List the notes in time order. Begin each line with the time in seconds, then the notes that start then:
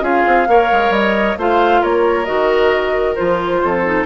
0.00 C#4 F4 G#4 F5
0.26 C4
0.47 A#3 A#4 C#5
0.72 G#3
0.90 G3 D#5
1.37 A3 F4 C5 F5
1.81 A#3 A#4 C#5
2.25 D#3 F#4 D#5
3.15 F3 F4 C5
3.62 F2 A4
3.84 D#4